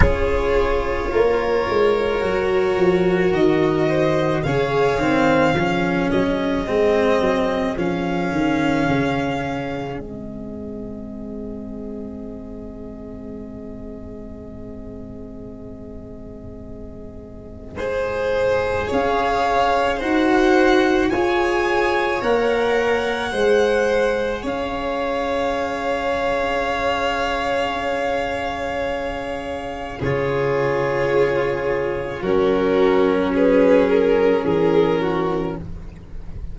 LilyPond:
<<
  \new Staff \with { instrumentName = "violin" } { \time 4/4 \tempo 4 = 54 cis''2. dis''4 | f''4. dis''4. f''4~ | f''4 dis''2.~ | dis''1~ |
dis''4 f''4 fis''4 gis''4 | fis''2 f''2~ | f''2. cis''4~ | cis''4 ais'4 b'8 ais'8 gis'8 fis'8 | }
  \new Staff \with { instrumentName = "violin" } { \time 4/4 gis'4 ais'2~ ais'8 c''8 | cis''4 gis'2.~ | gis'1~ | gis'1 |
c''4 cis''4 c''4 cis''4~ | cis''4 c''4 cis''2~ | cis''2. gis'4~ | gis'4 fis'4 gis'4 ais'4 | }
  \new Staff \with { instrumentName = "cello" } { \time 4/4 f'2 fis'2 | gis'8 c'8 cis'4 c'4 cis'4~ | cis'4 c'2.~ | c'1 |
gis'2 fis'4 gis'4 | ais'4 gis'2.~ | gis'2. f'4~ | f'4 cis'2. | }
  \new Staff \with { instrumentName = "tuba" } { \time 4/4 cis'4 ais8 gis8 fis8 f8 dis4 | cis8 dis8 f8 fis8 gis8 fis8 f8 dis8 | cis4 gis2.~ | gis1~ |
gis4 cis'4 dis'4 f'4 | ais4 gis4 cis'2~ | cis'2. cis4~ | cis4 fis2 e4 | }
>>